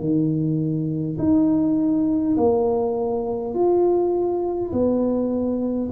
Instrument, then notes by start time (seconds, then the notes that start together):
tuba
0.00 D#3
1.19 D#4
2.37 A#3
3.55 F4
4.72 B3